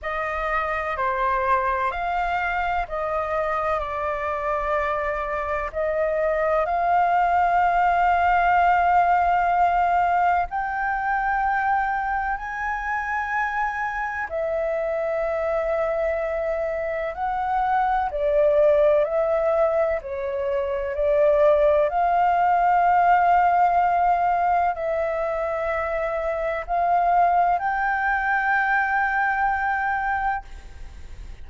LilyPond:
\new Staff \with { instrumentName = "flute" } { \time 4/4 \tempo 4 = 63 dis''4 c''4 f''4 dis''4 | d''2 dis''4 f''4~ | f''2. g''4~ | g''4 gis''2 e''4~ |
e''2 fis''4 d''4 | e''4 cis''4 d''4 f''4~ | f''2 e''2 | f''4 g''2. | }